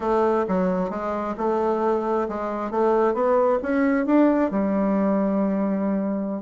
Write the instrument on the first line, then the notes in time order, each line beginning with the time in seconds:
bassoon
0.00 A3
0.48 F#3
0.89 G#3
1.37 A3
2.28 G#3
2.70 A3
3.14 B3
3.62 C#4
4.06 D4
4.51 G3